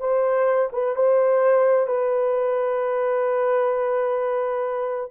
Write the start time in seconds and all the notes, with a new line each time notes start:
0.00 C5
0.73 B4
0.95 C5
1.87 B4